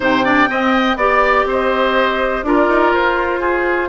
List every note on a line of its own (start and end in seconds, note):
0.00 0.49 C3
0.00 0.22 D#4
0.00 0.24 C5
0.00 0.97 G5
0.24 0.48 D4
0.24 0.49 D5
0.48 0.96 C4
0.48 0.97 D#5
0.96 1.44 B3
0.96 2.45 G4
0.96 1.46 D5
1.45 2.42 C4
1.45 2.45 C5
1.45 2.44 D#5
2.43 2.67 D4
2.43 3.89 F4
2.43 3.40 A#4
2.43 2.93 D5
2.68 2.92 D#4
2.93 3.89 F4
2.93 3.89 C5
3.40 3.89 G#4